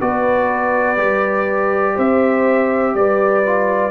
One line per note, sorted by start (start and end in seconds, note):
0.00 0.97 B3
0.00 0.97 F#4
0.00 1.95 B4
0.00 1.97 D5
0.97 1.95 G3
0.97 3.43 G4
1.95 2.94 C4
1.95 2.93 C5
1.95 2.95 E5
2.94 3.91 G3
2.94 3.91 B4
2.94 3.91 D5
3.46 3.91 F4